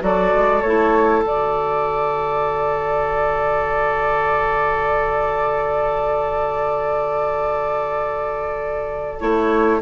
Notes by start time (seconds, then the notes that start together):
0.00 F#3 F#4 A4 D5
0.34 G#3
0.61 A3 E4 C#5
1.24 D3 F#4 D5
9.19 A3 E4 C#5